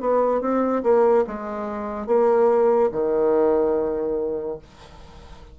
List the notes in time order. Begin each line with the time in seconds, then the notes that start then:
0.00 B3
0.41 C4
0.83 A#3
1.27 G#3
2.06 A#3
2.92 D#3